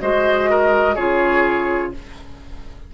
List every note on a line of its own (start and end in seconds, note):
0.00 0.96 G#3
0.00 0.97 F#4
0.00 0.50 C5
0.00 0.95 D#5
0.50 0.95 A#4
0.95 1.93 C#3
0.95 1.94 F4
0.95 1.92 G#4
0.95 1.92 C#5